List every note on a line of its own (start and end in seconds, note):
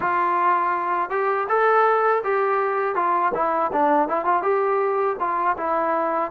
0.00 1.09 F4
1.09 1.46 G4
1.48 2.23 A4
2.23 2.95 G4
2.95 3.32 F4
3.34 3.71 E4
3.72 4.08 D4
4.08 4.25 E4
4.25 4.42 F4
4.42 5.16 G4
5.19 5.56 F4
5.57 6.31 E4